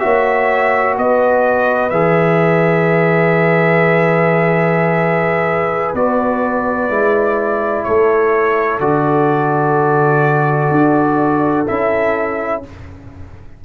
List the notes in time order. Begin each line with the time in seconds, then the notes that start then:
0.00 A#3 F#4 C#5 E5
0.97 B3 B4 D#5
1.90 E3 G#4 E5
5.94 B3 F#4 D5
6.89 G#3 E4
7.84 A3 A4 C#5
8.80 D3 F#4 D5
10.72 D4
11.68 C#4 E4 E5